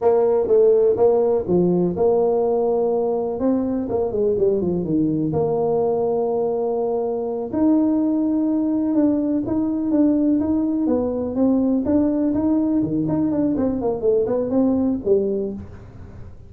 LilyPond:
\new Staff \with { instrumentName = "tuba" } { \time 4/4 \tempo 4 = 124 ais4 a4 ais4 f4 | ais2. c'4 | ais8 gis8 g8 f8 dis4 ais4~ | ais2.~ ais8 dis'8~ |
dis'2~ dis'8 d'4 dis'8~ | dis'8 d'4 dis'4 b4 c'8~ | c'8 d'4 dis'4 dis8 dis'8 d'8 | c'8 ais8 a8 b8 c'4 g4 | }